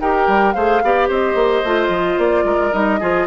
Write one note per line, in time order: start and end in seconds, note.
0.00 0.27 D#4
0.00 0.55 G4
0.00 0.55 A#4
0.00 0.53 G5
0.27 0.55 G3
0.53 0.83 A3
0.53 0.82 G#4
0.53 0.82 C5
0.53 1.07 F5
0.83 1.09 B3
0.83 1.65 G4
0.83 1.08 D5
1.08 1.34 C4
1.08 2.45 C5
1.08 2.19 D#5
1.34 1.62 A#3
1.64 1.88 A3
1.64 2.72 F4
1.88 2.15 F3
2.18 2.44 A#3
2.18 2.73 D5
2.44 2.71 G#3
2.44 3.00 A#4
2.72 3.01 G3
2.72 2.99 D#4
2.72 3.27 D#5
3.00 3.27 F3
3.00 3.27 F4
3.00 3.27 G#4